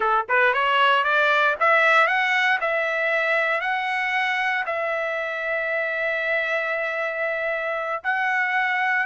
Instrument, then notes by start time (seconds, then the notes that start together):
trumpet
0.00 A4
0.28 B4
0.53 C#5
1.04 D5
1.60 E5
2.07 F#5
2.60 E5
3.60 F#5
4.66 E5
8.03 F#5